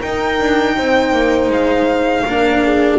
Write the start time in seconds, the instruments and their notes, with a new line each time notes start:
0.00 cello D#4, double bass D#4, horn A#4, violin G5
0.40 double bass D4
0.76 double bass C4, horn C5
1.12 double bass A#3
1.49 double bass G#3, violin F5
2.26 double bass A#3, cello D4, horn A#4
2.63 horn G#4